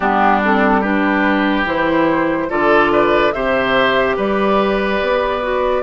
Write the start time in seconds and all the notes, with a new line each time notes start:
0.00 G3 B3 D4 G4
0.43 C4 A4
0.81 D4 G4 B4
1.64 E3 E4 C5
2.48 D3 F4 A4 D5
2.92 B4
3.32 C3 G4 C5 E5
4.16 G3 B4 D5
5.01 B3
5.42 F#4